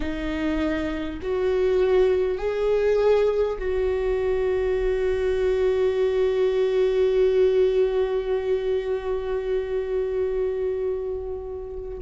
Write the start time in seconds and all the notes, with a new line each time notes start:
0.00 D#4
1.22 F#4
2.38 G#4
3.58 F#4